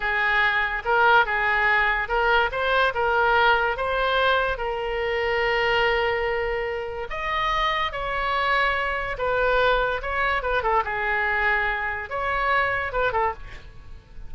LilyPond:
\new Staff \with { instrumentName = "oboe" } { \time 4/4 \tempo 4 = 144 gis'2 ais'4 gis'4~ | gis'4 ais'4 c''4 ais'4~ | ais'4 c''2 ais'4~ | ais'1~ |
ais'4 dis''2 cis''4~ | cis''2 b'2 | cis''4 b'8 a'8 gis'2~ | gis'4 cis''2 b'8 a'8 | }